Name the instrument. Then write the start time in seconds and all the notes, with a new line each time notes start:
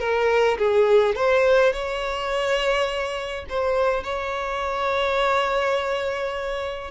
violin
0.00 A#4
0.58 G#4
1.16 C5
1.73 C#5
3.50 C5
4.04 C#5